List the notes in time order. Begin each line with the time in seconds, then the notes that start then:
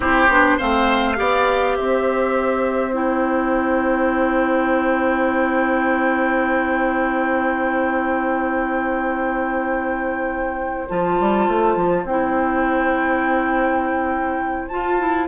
0.00 C4 E4 G4 C5
0.28 B3 D4
0.57 A3 C4 C5 F5
1.15 B3 G4 D5
1.76 C4 C5 E5
2.92 E4 G5
10.88 F3 F4 A5
11.20 G3
11.48 A3
11.76 F3
12.03 C4 E4 G5
14.68 F4 A5
14.98 E4